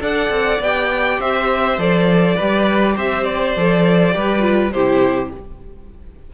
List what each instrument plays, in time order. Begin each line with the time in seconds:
0.00 cello D4, viola A4, violin D5 F#5
0.30 cello C4
0.60 cello B3, viola G4, violin G5
1.20 cello C4, violin C5 E5
1.78 cello F3, viola A4, violin D5
2.36 cello G3, viola G4, violin B4
2.96 cello C4, violin C5 E5
3.24 violin D5
3.56 cello F3, viola A4
4.12 cello G3, viola G4, violin B4
4.41 viola F4
4.72 cello C3, viola E4, violin G4 C5